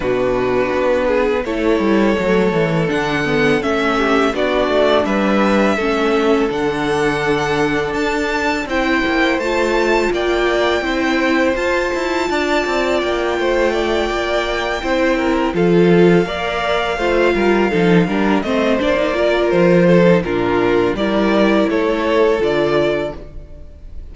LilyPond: <<
  \new Staff \with { instrumentName = "violin" } { \time 4/4 \tempo 4 = 83 b'2 cis''2 | fis''4 e''4 d''4 e''4~ | e''4 fis''2 a''4 | g''4 a''4 g''2 |
a''2 g''2~ | g''4. f''2~ f''8~ | f''4. dis''8 d''4 c''4 | ais'4 d''4 cis''4 d''4 | }
  \new Staff \with { instrumentName = "violin" } { \time 4/4 fis'4. gis'8 a'2~ | a'4. g'8 fis'4 b'4 | a'1 | c''2 d''4 c''4~ |
c''4 d''4. c''8 d''4~ | d''8 c''8 ais'8 a'4 d''4 c''8 | ais'8 a'8 ais'8 c''4 ais'4 a'8 | f'4 ais'4 a'2 | }
  \new Staff \with { instrumentName = "viola" } { \time 4/4 d'2 e'4 a4 | d'8 b8 cis'4 d'2 | cis'4 d'2. | e'4 f'2 e'4 |
f'1~ | f'8 e'4 f'4 ais'4 f'8~ | f'8 dis'8 d'8 c'8 d'16 dis'16 f'4~ f'16 dis'16 | d'4 e'2 f'4 | }
  \new Staff \with { instrumentName = "cello" } { \time 4/4 b,4 b4 a8 g8 fis8 e8 | d4 a4 b8 a8 g4 | a4 d2 d'4 | c'8 ais8 a4 ais4 c'4 |
f'8 e'8 d'8 c'8 ais8 a4 ais8~ | ais8 c'4 f4 ais4 a8 | g8 f8 g8 a8 ais4 f4 | ais,4 g4 a4 d4 | }
>>